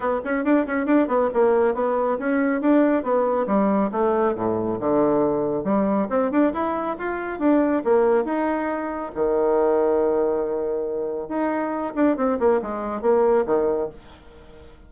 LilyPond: \new Staff \with { instrumentName = "bassoon" } { \time 4/4 \tempo 4 = 138 b8 cis'8 d'8 cis'8 d'8 b8 ais4 | b4 cis'4 d'4 b4 | g4 a4 a,4 d4~ | d4 g4 c'8 d'8 e'4 |
f'4 d'4 ais4 dis'4~ | dis'4 dis2.~ | dis2 dis'4. d'8 | c'8 ais8 gis4 ais4 dis4 | }